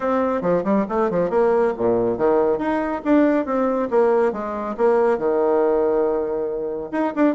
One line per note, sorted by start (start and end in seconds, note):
0.00 0.41 C4
0.41 0.63 F3
0.64 0.85 G3
0.88 1.10 A3
1.10 1.30 F3
1.30 1.73 A#3
1.77 2.17 A#2
2.17 2.58 D#3
2.58 3.01 D#4
3.04 3.45 D4
3.45 3.88 C4
3.90 4.32 A#3
4.32 4.75 G#3
4.77 5.18 A#3
5.18 6.90 D#3
6.91 7.13 D#4
7.15 7.35 D4